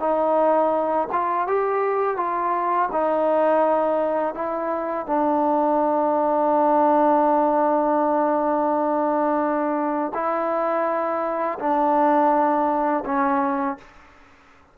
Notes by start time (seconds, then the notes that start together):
0.00 D#4
1.12 F4
1.48 G4
2.17 F4
2.92 D#4
4.35 E4
5.07 D4
10.14 E4
11.60 D4
13.05 C#4